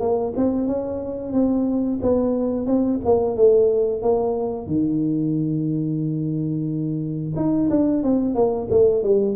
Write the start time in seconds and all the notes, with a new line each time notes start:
0.00 A#3
0.36 C4
0.67 C#4
1.33 C4
2.02 B3
2.67 C4
3.05 A#3
3.36 A3
4.02 A#3
4.67 D#3
7.36 D#4
7.70 D4
8.03 C4
8.35 A#3
8.70 A3
9.04 G3